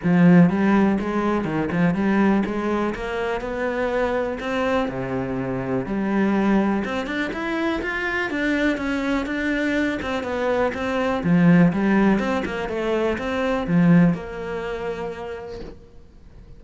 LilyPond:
\new Staff \with { instrumentName = "cello" } { \time 4/4 \tempo 4 = 123 f4 g4 gis4 dis8 f8 | g4 gis4 ais4 b4~ | b4 c'4 c2 | g2 c'8 d'8 e'4 |
f'4 d'4 cis'4 d'4~ | d'8 c'8 b4 c'4 f4 | g4 c'8 ais8 a4 c'4 | f4 ais2. | }